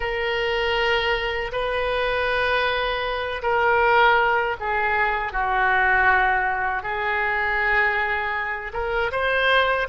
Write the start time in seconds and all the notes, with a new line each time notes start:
0.00 A#4
1.52 B4
3.42 A#4
4.59 G#4
5.32 F#4
6.82 G#4
8.73 A#4
9.11 C5